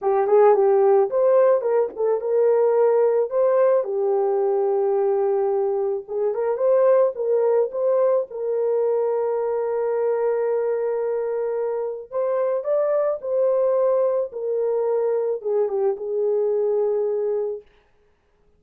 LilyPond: \new Staff \with { instrumentName = "horn" } { \time 4/4 \tempo 4 = 109 g'8 gis'8 g'4 c''4 ais'8 a'8 | ais'2 c''4 g'4~ | g'2. gis'8 ais'8 | c''4 ais'4 c''4 ais'4~ |
ais'1~ | ais'2 c''4 d''4 | c''2 ais'2 | gis'8 g'8 gis'2. | }